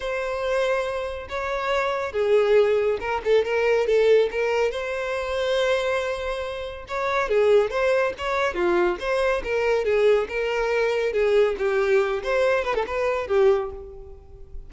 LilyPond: \new Staff \with { instrumentName = "violin" } { \time 4/4 \tempo 4 = 140 c''2. cis''4~ | cis''4 gis'2 ais'8 a'8 | ais'4 a'4 ais'4 c''4~ | c''1 |
cis''4 gis'4 c''4 cis''4 | f'4 c''4 ais'4 gis'4 | ais'2 gis'4 g'4~ | g'8 c''4 b'16 a'16 b'4 g'4 | }